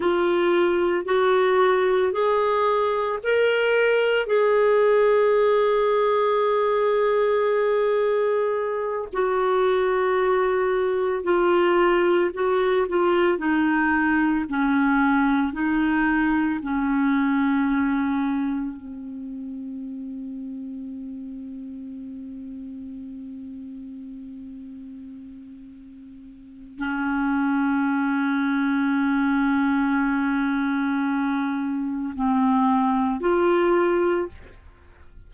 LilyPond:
\new Staff \with { instrumentName = "clarinet" } { \time 4/4 \tempo 4 = 56 f'4 fis'4 gis'4 ais'4 | gis'1~ | gis'8 fis'2 f'4 fis'8 | f'8 dis'4 cis'4 dis'4 cis'8~ |
cis'4. c'2~ c'8~ | c'1~ | c'4 cis'2.~ | cis'2 c'4 f'4 | }